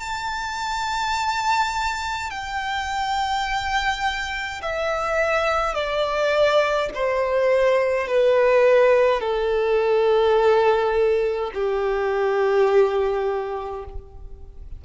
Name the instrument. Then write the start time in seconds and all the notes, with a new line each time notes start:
violin
0.00 A5
2.30 G5
4.62 E5
5.74 D5
6.94 C5
8.08 B4
9.20 A4
11.54 G4